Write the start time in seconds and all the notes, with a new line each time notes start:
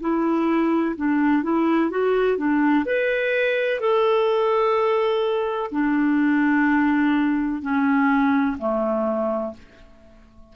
0.00 E4
0.96 D4
1.43 E4
1.90 F#4
2.37 D4
2.85 B4
3.80 A4
5.71 D4
7.62 C#4
8.58 A3